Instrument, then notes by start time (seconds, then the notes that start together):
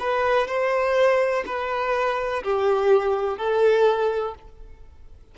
violin
0.00 B4
0.48 C5
1.46 B4
2.43 G4
3.38 A4